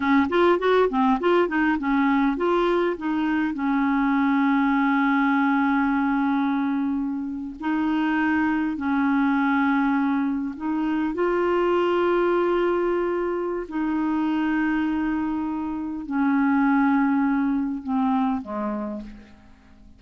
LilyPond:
\new Staff \with { instrumentName = "clarinet" } { \time 4/4 \tempo 4 = 101 cis'8 f'8 fis'8 c'8 f'8 dis'8 cis'4 | f'4 dis'4 cis'2~ | cis'1~ | cis'8. dis'2 cis'4~ cis'16~ |
cis'4.~ cis'16 dis'4 f'4~ f'16~ | f'2. dis'4~ | dis'2. cis'4~ | cis'2 c'4 gis4 | }